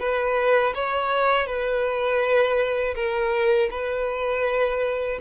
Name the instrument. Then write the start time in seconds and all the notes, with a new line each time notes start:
violin
0.00 B4
0.74 C#5
1.46 B4
2.95 A#4
3.71 B4